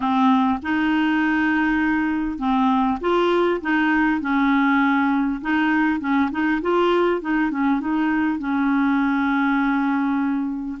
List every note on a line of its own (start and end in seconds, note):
0.00 0.59 C4
0.62 2.38 D#4
2.38 2.98 C4
3.00 3.60 F4
3.61 4.21 D#4
4.21 5.41 C#4
5.41 6.00 D#4
6.00 6.30 C#4
6.31 6.61 D#4
6.61 7.21 F4
7.21 7.50 D#4
7.50 7.80 C#4
7.80 8.38 D#4
8.38 10.78 C#4